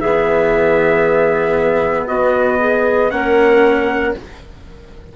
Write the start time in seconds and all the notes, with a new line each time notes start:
0.00 E3 B3 G#4 E5
2.06 B3 F#4 D#5
2.59 G#4
3.11 A#3 C#4 A#4 F#5